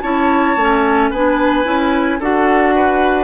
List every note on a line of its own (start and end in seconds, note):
0.00 0.56 C#4
0.00 0.56 E4
0.00 1.10 C#5
0.00 1.09 A5
0.56 1.10 A3
0.56 1.14 C#4
1.10 1.65 B3
1.10 1.64 D4
1.10 2.19 B4
1.10 2.21 G#5
1.64 2.19 C#4
1.64 2.18 E4
2.19 3.24 D4
2.19 3.24 F#4
2.19 2.74 A4
2.19 3.24 F#5
2.75 3.24 B4